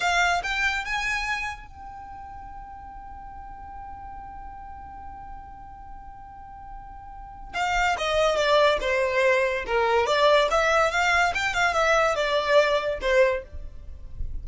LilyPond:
\new Staff \with { instrumentName = "violin" } { \time 4/4 \tempo 4 = 143 f''4 g''4 gis''2 | g''1~ | g''1~ | g''1~ |
g''2 f''4 dis''4 | d''4 c''2 ais'4 | d''4 e''4 f''4 g''8 f''8 | e''4 d''2 c''4 | }